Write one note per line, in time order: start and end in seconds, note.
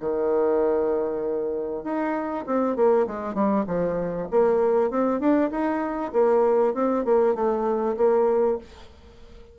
0.00 1.83 D#3
1.83 2.45 D#4
2.46 2.76 C4
2.76 3.06 A#3
3.07 3.34 G#3
3.34 3.65 G3
3.67 4.28 F3
4.31 4.90 A#3
4.90 5.20 C4
5.20 5.50 D4
5.50 6.12 D#4
6.13 6.74 A#3
6.74 7.05 C4
7.05 7.35 A#3
7.35 7.96 A3
7.96 8.58 A#3